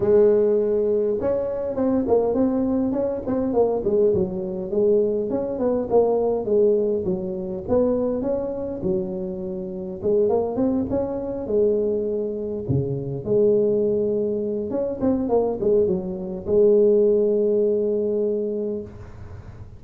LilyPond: \new Staff \with { instrumentName = "tuba" } { \time 4/4 \tempo 4 = 102 gis2 cis'4 c'8 ais8 | c'4 cis'8 c'8 ais8 gis8 fis4 | gis4 cis'8 b8 ais4 gis4 | fis4 b4 cis'4 fis4~ |
fis4 gis8 ais8 c'8 cis'4 gis8~ | gis4. cis4 gis4.~ | gis4 cis'8 c'8 ais8 gis8 fis4 | gis1 | }